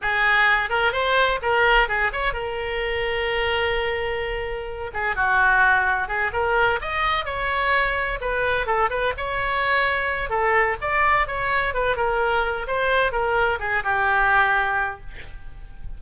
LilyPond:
\new Staff \with { instrumentName = "oboe" } { \time 4/4 \tempo 4 = 128 gis'4. ais'8 c''4 ais'4 | gis'8 cis''8 ais'2.~ | ais'2~ ais'8 gis'8 fis'4~ | fis'4 gis'8 ais'4 dis''4 cis''8~ |
cis''4. b'4 a'8 b'8 cis''8~ | cis''2 a'4 d''4 | cis''4 b'8 ais'4. c''4 | ais'4 gis'8 g'2~ g'8 | }